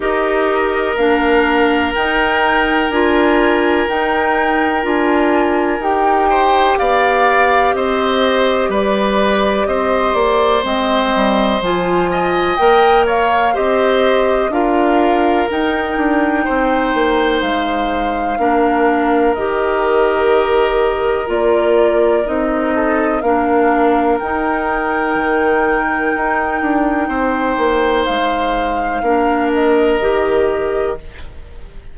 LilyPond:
<<
  \new Staff \with { instrumentName = "flute" } { \time 4/4 \tempo 4 = 62 dis''4 f''4 g''4 gis''4 | g''4 gis''4 g''4 f''4 | dis''4 d''4 dis''8 d''8 dis''4 | gis''4 g''8 f''8 dis''4 f''4 |
g''2 f''2 | dis''2 d''4 dis''4 | f''4 g''2.~ | g''4 f''4. dis''4. | }
  \new Staff \with { instrumentName = "oboe" } { \time 4/4 ais'1~ | ais'2~ ais'8 c''8 d''4 | c''4 b'4 c''2~ | c''8 dis''4 cis''8 c''4 ais'4~ |
ais'4 c''2 ais'4~ | ais'2.~ ais'8 a'8 | ais'1 | c''2 ais'2 | }
  \new Staff \with { instrumentName = "clarinet" } { \time 4/4 g'4 d'4 dis'4 f'4 | dis'4 f'4 g'2~ | g'2. c'4 | f'4 ais'4 g'4 f'4 |
dis'2. d'4 | g'2 f'4 dis'4 | d'4 dis'2.~ | dis'2 d'4 g'4 | }
  \new Staff \with { instrumentName = "bassoon" } { \time 4/4 dis'4 ais4 dis'4 d'4 | dis'4 d'4 dis'4 b4 | c'4 g4 c'8 ais8 gis8 g8 | f4 ais4 c'4 d'4 |
dis'8 d'8 c'8 ais8 gis4 ais4 | dis2 ais4 c'4 | ais4 dis'4 dis4 dis'8 d'8 | c'8 ais8 gis4 ais4 dis4 | }
>>